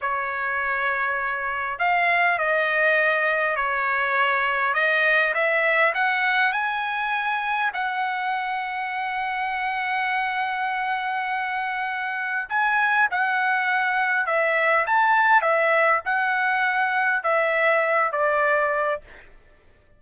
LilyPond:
\new Staff \with { instrumentName = "trumpet" } { \time 4/4 \tempo 4 = 101 cis''2. f''4 | dis''2 cis''2 | dis''4 e''4 fis''4 gis''4~ | gis''4 fis''2.~ |
fis''1~ | fis''4 gis''4 fis''2 | e''4 a''4 e''4 fis''4~ | fis''4 e''4. d''4. | }